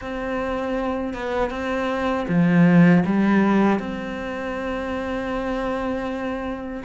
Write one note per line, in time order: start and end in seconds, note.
0.01 1.13 C4
1.13 1.50 B3
1.50 2.26 C4
2.28 3.04 F3
3.05 3.79 G3
3.79 6.83 C4